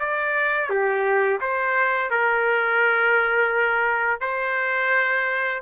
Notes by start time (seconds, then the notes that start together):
0.00 D5
0.70 G4
1.41 C5
2.11 A#4
4.21 C5